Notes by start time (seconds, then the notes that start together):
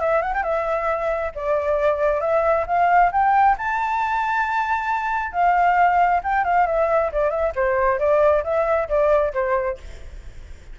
0.00 E5
0.22 F#5
0.34 G5
0.43 E5
1.35 D5
2.21 E5
2.67 F5
3.12 G5
3.58 A5
5.32 F5
6.24 G5
6.45 F5
6.67 E5
7.12 D5
7.31 E5
7.56 C5
7.99 D5
8.44 E5
8.89 D5
9.34 C5